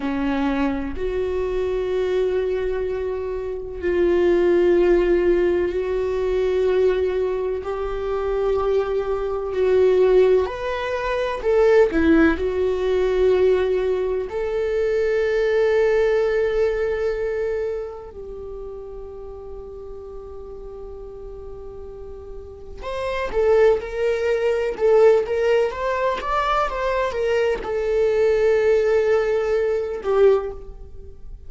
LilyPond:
\new Staff \with { instrumentName = "viola" } { \time 4/4 \tempo 4 = 63 cis'4 fis'2. | f'2 fis'2 | g'2 fis'4 b'4 | a'8 e'8 fis'2 a'4~ |
a'2. g'4~ | g'1 | c''8 a'8 ais'4 a'8 ais'8 c''8 d''8 | c''8 ais'8 a'2~ a'8 g'8 | }